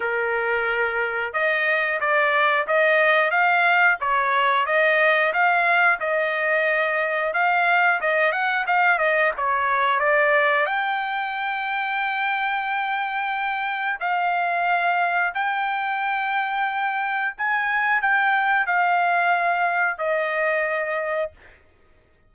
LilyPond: \new Staff \with { instrumentName = "trumpet" } { \time 4/4 \tempo 4 = 90 ais'2 dis''4 d''4 | dis''4 f''4 cis''4 dis''4 | f''4 dis''2 f''4 | dis''8 fis''8 f''8 dis''8 cis''4 d''4 |
g''1~ | g''4 f''2 g''4~ | g''2 gis''4 g''4 | f''2 dis''2 | }